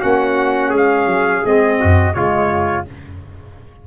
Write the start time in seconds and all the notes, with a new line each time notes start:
0.00 A#3 C#4 F#4 F#5
0.70 G#3 G#4
0.77 F5
1.06 F#3
1.44 G#3 C4 D#5
1.80 F#2 F#4
2.13 C#3 G#3 F4 C#5